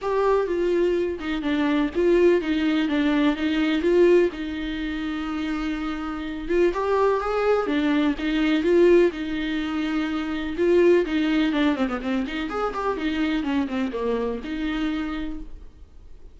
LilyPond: \new Staff \with { instrumentName = "viola" } { \time 4/4 \tempo 4 = 125 g'4 f'4. dis'8 d'4 | f'4 dis'4 d'4 dis'4 | f'4 dis'2.~ | dis'4. f'8 g'4 gis'4 |
d'4 dis'4 f'4 dis'4~ | dis'2 f'4 dis'4 | d'8 c'16 b16 c'8 dis'8 gis'8 g'8 dis'4 | cis'8 c'8 ais4 dis'2 | }